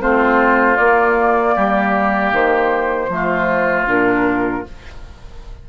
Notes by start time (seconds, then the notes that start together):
0.00 A3 C4 F4 C5
0.76 A#3 D5
0.83 A#3
1.55 G3 G4
2.33 D#3 C5
3.09 F3 A3
3.15 F4
3.87 A#2 D4 A#4